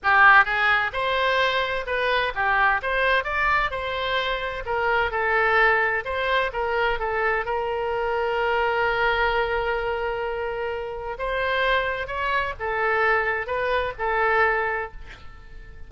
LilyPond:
\new Staff \with { instrumentName = "oboe" } { \time 4/4 \tempo 4 = 129 g'4 gis'4 c''2 | b'4 g'4 c''4 d''4 | c''2 ais'4 a'4~ | a'4 c''4 ais'4 a'4 |
ais'1~ | ais'1 | c''2 cis''4 a'4~ | a'4 b'4 a'2 | }